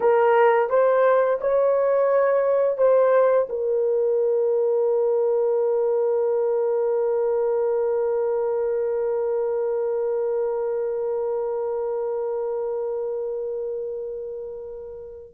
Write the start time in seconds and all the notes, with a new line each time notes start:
0.00 A#4
0.69 C5
1.40 C#5
2.77 C5
3.49 A#4